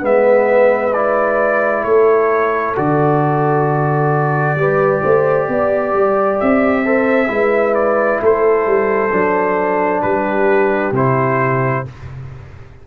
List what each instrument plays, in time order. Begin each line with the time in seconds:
0.00 tuba G#3, trombone B3, horn B4, trumpet E5
0.93 trombone E4, trumpet D5
1.83 tuba A3, horn A4, trumpet C#5
2.75 tuba D3, trombone F#4, trumpet D5
4.55 tuba G3, trombone G4, horn B4
5.02 tuba A3, horn C5
5.48 tuba B3, horn D5
5.93 tuba G3
6.39 tuba C4, trumpet E5
6.83 trombone A4, horn C5
7.27 tuba G#3, trombone E4, horn B4
7.74 trumpet D5
8.21 tuba A3, horn A4, trumpet C5
8.66 tuba G3
9.11 tuba F#3, trombone D4
10.01 tuba G3, horn G4, trumpet B4
10.91 tuba C3, trombone E4, trumpet C5